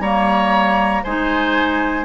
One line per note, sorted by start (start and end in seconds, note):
0.00 1.03 G3
0.00 1.05 A#3
0.00 1.03 C#5
0.00 1.04 A#5
1.03 2.05 G#3
1.03 2.05 D#4
1.03 2.05 C5
1.03 2.05 G#5